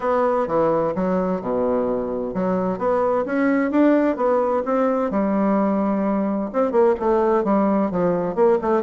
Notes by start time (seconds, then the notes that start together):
0.00 B3
0.47 E3
0.95 F#3
1.41 B2
2.34 F#3
2.78 B3
3.25 C#4
3.71 D4
4.16 B3
4.65 C4
5.11 G3
6.52 C4
6.71 A#3
6.99 A3
7.44 G3
7.90 F3
8.35 A#3
8.61 A3